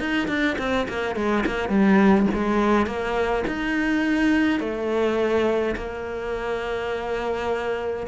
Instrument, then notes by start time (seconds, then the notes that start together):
cello
0.00 D#4
0.28 D4
0.59 C4
0.89 A#3
1.16 G#3
1.46 A#3
1.69 G3
2.34 G#3
2.87 A#3
3.48 D#4
4.60 A3
5.77 A#3